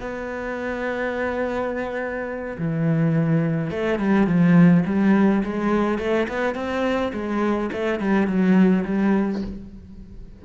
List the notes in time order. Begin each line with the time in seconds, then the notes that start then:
0.00 B3
2.58 E3
3.70 A3
3.99 G3
4.27 F3
4.86 G3
5.43 G#3
5.98 A3
6.28 B3
6.55 C4
7.13 G#3
7.72 A3
8.00 G3
8.27 F#3
8.85 G3